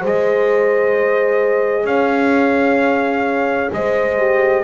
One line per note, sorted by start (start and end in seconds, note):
0.00 1.84 G#3
0.00 4.17 G#4
0.00 1.85 C5
0.00 1.86 D#5
1.84 3.68 C#4
1.84 3.71 C#5
1.84 3.70 F5
3.72 4.63 G#3
3.72 4.63 C5
3.72 4.63 D#5
4.17 4.63 G4